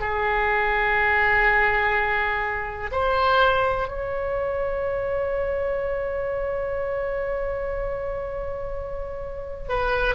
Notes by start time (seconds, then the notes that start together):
0.00 G#4
2.91 C5
3.88 C#5
9.68 B4